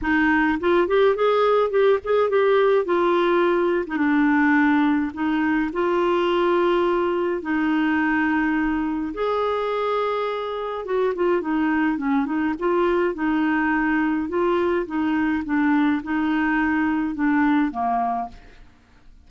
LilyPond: \new Staff \with { instrumentName = "clarinet" } { \time 4/4 \tempo 4 = 105 dis'4 f'8 g'8 gis'4 g'8 gis'8 | g'4 f'4.~ f'16 dis'16 d'4~ | d'4 dis'4 f'2~ | f'4 dis'2. |
gis'2. fis'8 f'8 | dis'4 cis'8 dis'8 f'4 dis'4~ | dis'4 f'4 dis'4 d'4 | dis'2 d'4 ais4 | }